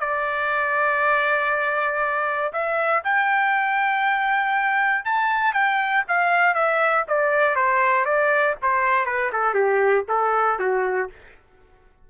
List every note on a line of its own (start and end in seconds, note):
0.00 2.52 D5
2.53 3.03 E5
3.04 5.05 G5
5.05 5.53 A5
5.53 6.04 G5
6.08 6.54 F5
6.54 7.05 E5
7.08 7.55 D5
7.55 8.05 C5
8.05 8.55 D5
8.62 9.05 C5
9.05 9.31 B4
9.32 9.54 A4
9.54 10.04 G4
10.08 10.59 A4
10.59 11.09 F#4